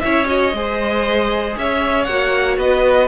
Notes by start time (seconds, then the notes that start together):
0.00 C#4 E4 C#5 E5
0.26 F#4 D#5
0.52 G#3 G#4 C5
1.57 C#4 C#5 E5
2.04 A#3 F#4 F#5
2.57 B3 B4 D#5